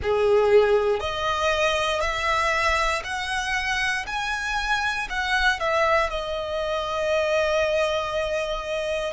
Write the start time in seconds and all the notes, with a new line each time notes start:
0.02 G#4
0.99 D#5
2.01 E5
3.04 F#5
4.06 G#5
5.09 F#5
5.59 E5
6.10 D#5